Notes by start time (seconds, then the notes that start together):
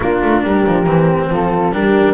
0.00 A#3 D4 F4 A#4
0.22 A3
0.43 G3 G4
0.66 F3
0.86 E3 C4
1.29 F3 F4 A4
1.71 G3 D4 G4 A#4